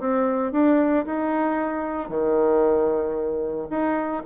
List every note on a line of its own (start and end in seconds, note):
0.00 0.52 C4
0.52 1.05 D4
1.06 2.09 D#4
2.09 3.68 D#3
3.70 4.23 D#4